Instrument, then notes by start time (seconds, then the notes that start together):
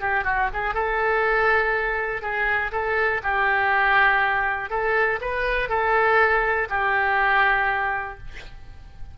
oboe
0.00 G4
0.24 F#4
0.53 G#4
0.74 A4
2.22 G#4
2.72 A4
3.23 G4
4.69 A4
5.21 B4
5.69 A4
6.69 G4